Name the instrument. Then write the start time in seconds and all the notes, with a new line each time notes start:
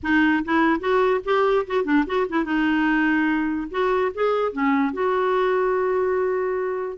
clarinet
0.02 D#4
0.44 E4
0.79 F#4
1.24 G4
1.66 F#4
1.84 D4
2.06 F#4
2.29 E4
2.44 D#4
3.70 F#4
4.14 G#4
4.52 C#4
4.93 F#4